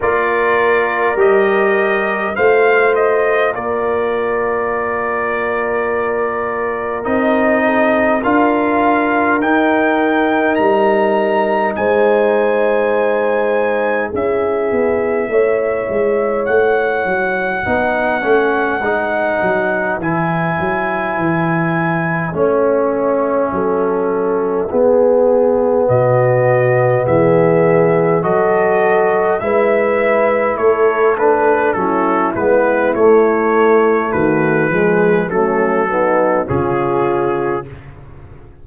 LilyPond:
<<
  \new Staff \with { instrumentName = "trumpet" } { \time 4/4 \tempo 4 = 51 d''4 dis''4 f''8 dis''8 d''4~ | d''2 dis''4 f''4 | g''4 ais''4 gis''2 | e''2 fis''2~ |
fis''4 gis''2 e''4~ | e''2 dis''4 e''4 | dis''4 e''4 cis''8 b'8 a'8 b'8 | cis''4 b'4 a'4 gis'4 | }
  \new Staff \with { instrumentName = "horn" } { \time 4/4 ais'2 c''4 ais'4~ | ais'2~ ais'8 a'8 ais'4~ | ais'2 c''2 | gis'4 cis''2 b'4~ |
b'2. cis''4 | a'4 gis'4 fis'4 gis'4 | a'4 b'4 a'4 e'4~ | e'4 fis'8 gis'8 cis'8 dis'8 f'4 | }
  \new Staff \with { instrumentName = "trombone" } { \time 4/4 f'4 g'4 f'2~ | f'2 dis'4 f'4 | dis'1 | e'2. dis'8 cis'8 |
dis'4 e'2 cis'4~ | cis'4 b2. | fis'4 e'4. d'8 cis'8 b8 | a4. gis8 a8 b8 cis'4 | }
  \new Staff \with { instrumentName = "tuba" } { \time 4/4 ais4 g4 a4 ais4~ | ais2 c'4 d'4 | dis'4 g4 gis2 | cis'8 b8 a8 gis8 a8 fis8 b8 a8 |
gis8 fis8 e8 fis8 e4 a4 | fis4 b4 b,4 e4 | fis4 gis4 a4 fis8 gis8 | a4 dis8 f8 fis4 cis4 | }
>>